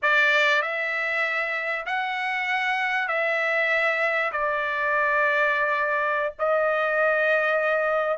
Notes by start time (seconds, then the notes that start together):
0.02 D5
0.62 E5
1.86 F#5
3.08 E5
4.32 D5
6.38 D#5